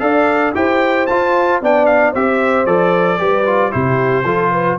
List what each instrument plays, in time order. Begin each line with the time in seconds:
0.00 tuba D4, trombone A4, horn D5, trumpet F5
0.55 tuba E4, trombone G4, horn C5, trumpet G5
1.07 tuba F4, trombone F4, trumpet A5
1.61 tuba B3, trombone D4, horn D5, trumpet G5
1.86 trumpet F5
2.12 tuba C4, trombone G4, horn C5, trumpet E5
2.66 tuba F3, trombone A4, trumpet D5
3.19 tuba G3, trombone G4, horn B4
3.46 trombone F4
3.71 tuba C3, trombone E4, horn G4, trumpet C5
4.24 tuba F3, trombone F4, horn A4
4.52 horn B4